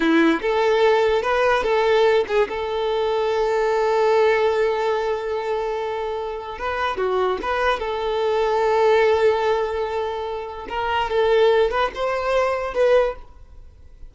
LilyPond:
\new Staff \with { instrumentName = "violin" } { \time 4/4 \tempo 4 = 146 e'4 a'2 b'4 | a'4. gis'8 a'2~ | a'1~ | a'1 |
b'4 fis'4 b'4 a'4~ | a'1~ | a'2 ais'4 a'4~ | a'8 b'8 c''2 b'4 | }